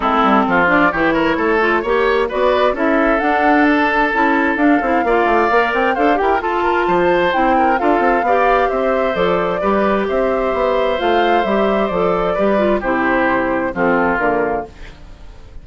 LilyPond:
<<
  \new Staff \with { instrumentName = "flute" } { \time 4/4 \tempo 4 = 131 a'4. d''8 cis''2~ | cis''4 d''4 e''4 fis''4 | a''2 f''2~ | f''8 g''8 f''8 g''8 a''2 |
g''4 f''2 e''4 | d''2 e''2 | f''4 e''4 d''2 | c''2 a'4 ais'4 | }
  \new Staff \with { instrumentName = "oboe" } { \time 4/4 e'4 f'4 g'8 ais'8 a'4 | cis''4 b'4 a'2~ | a'2. d''4~ | d''4 c''8 ais'8 a'8 ais'8 c''4~ |
c''8 ais'8 a'4 d''4 c''4~ | c''4 b'4 c''2~ | c''2. b'4 | g'2 f'2 | }
  \new Staff \with { instrumentName = "clarinet" } { \time 4/4 c'4. d'8 e'4. f'8 | g'4 fis'4 e'4 d'4~ | d'4 e'4 d'8 e'8 f'4 | ais'4 a'8 g'8 f'2 |
e'4 f'4 g'2 | a'4 g'2. | f'4 g'4 a'4 g'8 f'8 | e'2 c'4 ais4 | }
  \new Staff \with { instrumentName = "bassoon" } { \time 4/4 a8 g8 f4 e4 a4 | ais4 b4 cis'4 d'4~ | d'4 cis'4 d'8 c'8 ais8 a8 | ais8 c'8 d'8 e'8 f'4 f4 |
c'4 d'8 c'8 b4 c'4 | f4 g4 c'4 b4 | a4 g4 f4 g4 | c2 f4 d4 | }
>>